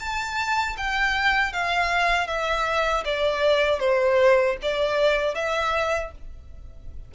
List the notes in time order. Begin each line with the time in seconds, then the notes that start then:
0.00 A5
0.78 G5
1.53 F5
2.28 E5
3.05 D5
3.80 C5
4.63 D5
5.35 E5